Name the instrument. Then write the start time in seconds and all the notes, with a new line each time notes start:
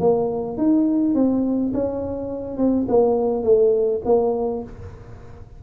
tuba
0.00 A#3
0.58 D#4
1.15 C4
1.74 C#4
2.58 C4
2.88 A#3
3.44 A3
4.05 A#3